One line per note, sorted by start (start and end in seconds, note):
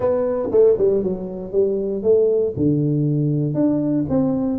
0.00 0.49 B3
0.51 0.76 A3
0.78 1.03 G3
1.03 1.51 F#3
1.51 2.02 G3
2.02 2.53 A3
2.56 3.54 D3
3.54 4.05 D4
4.09 4.59 C4